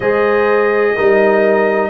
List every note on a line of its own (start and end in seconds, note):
0.00 0.94 G#3
0.00 0.97 G#4
0.00 0.93 C5
0.00 1.89 D#5
0.94 1.89 G3
0.94 1.89 D#4
0.94 1.89 A#4